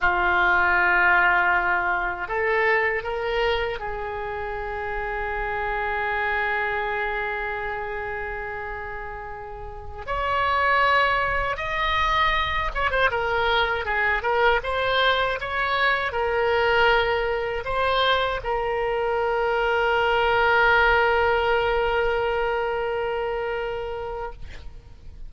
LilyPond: \new Staff \with { instrumentName = "oboe" } { \time 4/4 \tempo 4 = 79 f'2. a'4 | ais'4 gis'2.~ | gis'1~ | gis'4~ gis'16 cis''2 dis''8.~ |
dis''8. cis''16 c''16 ais'4 gis'8 ais'8 c''8.~ | c''16 cis''4 ais'2 c''8.~ | c''16 ais'2.~ ais'8.~ | ais'1 | }